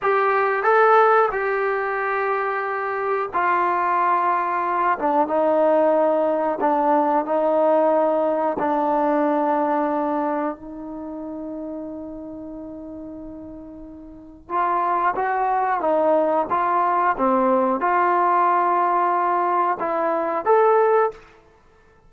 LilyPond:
\new Staff \with { instrumentName = "trombone" } { \time 4/4 \tempo 4 = 91 g'4 a'4 g'2~ | g'4 f'2~ f'8 d'8 | dis'2 d'4 dis'4~ | dis'4 d'2. |
dis'1~ | dis'2 f'4 fis'4 | dis'4 f'4 c'4 f'4~ | f'2 e'4 a'4 | }